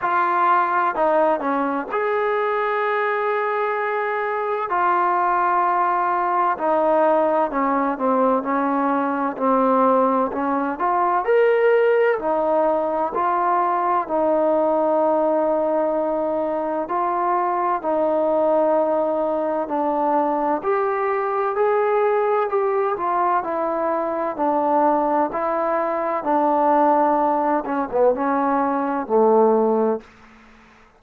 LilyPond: \new Staff \with { instrumentName = "trombone" } { \time 4/4 \tempo 4 = 64 f'4 dis'8 cis'8 gis'2~ | gis'4 f'2 dis'4 | cis'8 c'8 cis'4 c'4 cis'8 f'8 | ais'4 dis'4 f'4 dis'4~ |
dis'2 f'4 dis'4~ | dis'4 d'4 g'4 gis'4 | g'8 f'8 e'4 d'4 e'4 | d'4. cis'16 b16 cis'4 a4 | }